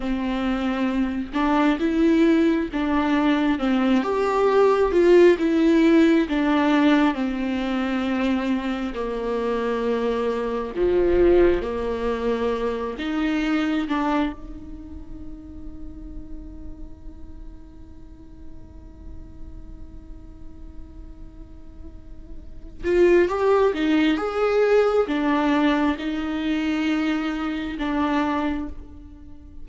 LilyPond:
\new Staff \with { instrumentName = "viola" } { \time 4/4 \tempo 4 = 67 c'4. d'8 e'4 d'4 | c'8 g'4 f'8 e'4 d'4 | c'2 ais2 | f4 ais4. dis'4 d'8 |
dis'1~ | dis'1~ | dis'4. f'8 g'8 dis'8 gis'4 | d'4 dis'2 d'4 | }